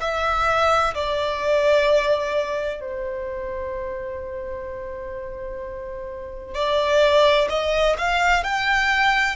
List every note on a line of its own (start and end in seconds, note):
0.00 0.94 E5
0.94 2.80 D5
2.80 6.54 C5
6.54 7.48 D5
7.49 7.96 D#5
7.98 8.43 F5
8.43 9.36 G5